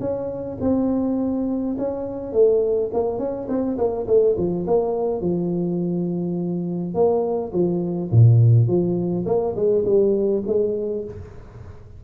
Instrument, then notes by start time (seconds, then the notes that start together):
tuba
0.00 C#4
0.61 C4
1.79 C#4
2.33 A3
2.94 A#3
3.19 C#4
3.49 C4
3.78 A#3
4.07 A3
4.38 F3
4.67 A#3
5.21 F3
6.94 A#3
7.53 F3
8.12 A#2
8.68 F3
9.26 A#3
9.56 G#3
9.85 G3
10.47 G#3